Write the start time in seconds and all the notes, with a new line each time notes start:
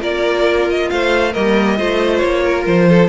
0.00 A#3 F4 A#4 D5
0.70 D#5
0.90 A3 C5 F5
1.32 G3 A#3 A#4 D#5
1.77 A3 F4 C5
2.18 A#3 C#5
2.45 A#4
2.67 F3 C5
2.89 A4